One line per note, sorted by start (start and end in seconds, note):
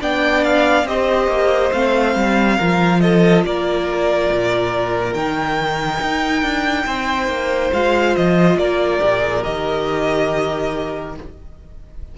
0.00 0.84 B3
0.00 0.86 D4
0.00 0.86 D5
0.00 0.44 G5
0.44 0.87 F5
0.84 1.27 C4
0.84 1.72 G4
0.84 2.56 C5
0.84 1.72 D#5
1.27 1.70 A#3
1.72 2.15 A3
1.72 2.59 C4
1.72 3.00 F5
2.15 2.57 G3
2.56 3.43 F3
2.56 5.17 F4
2.56 2.99 A#4
3.00 3.45 A4
3.00 3.43 D#5
3.43 4.29 A#3
3.43 6.85 A#4
3.43 5.13 D5
4.31 5.14 A#2
5.13 5.99 D#3
5.13 7.72 D#4
5.13 7.70 G5
6.01 6.42 D#4
6.42 6.85 D4
6.85 7.27 C4
6.85 8.57 C5
7.27 7.70 A#3
7.72 8.16 G#3
7.72 9.00 F4
7.72 8.16 F5
8.16 8.56 F3
8.16 8.58 D#5
8.56 8.98 A#3
8.56 11.16 A#4
8.56 9.43 D5
9.00 9.45 A#2
9.00 9.20 G4
9.20 9.41 G#4
9.43 11.17 D#3
9.43 11.15 G4
9.43 11.14 D#5